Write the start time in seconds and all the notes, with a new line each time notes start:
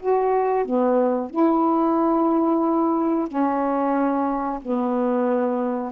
0.00 F#4
0.65 B3
1.31 E4
3.28 C#4
4.62 B3